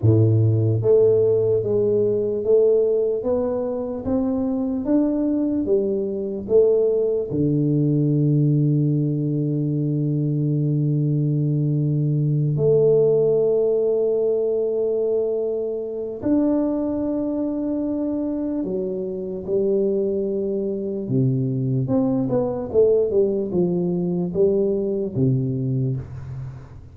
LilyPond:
\new Staff \with { instrumentName = "tuba" } { \time 4/4 \tempo 4 = 74 a,4 a4 gis4 a4 | b4 c'4 d'4 g4 | a4 d2.~ | d2.~ d8 a8~ |
a1 | d'2. fis4 | g2 c4 c'8 b8 | a8 g8 f4 g4 c4 | }